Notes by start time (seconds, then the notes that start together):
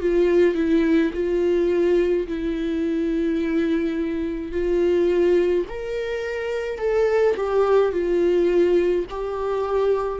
0.00 F4
0.55 E4
1.13 F4
2.27 E4
4.52 F4
5.69 A#4
6.79 A4
7.36 G4
7.92 F4
9.10 G4